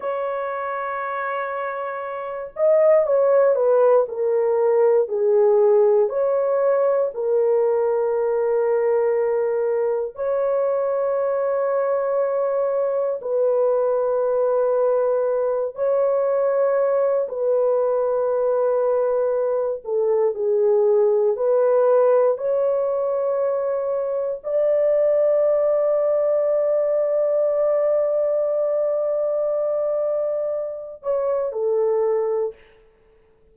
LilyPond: \new Staff \with { instrumentName = "horn" } { \time 4/4 \tempo 4 = 59 cis''2~ cis''8 dis''8 cis''8 b'8 | ais'4 gis'4 cis''4 ais'4~ | ais'2 cis''2~ | cis''4 b'2~ b'8 cis''8~ |
cis''4 b'2~ b'8 a'8 | gis'4 b'4 cis''2 | d''1~ | d''2~ d''8 cis''8 a'4 | }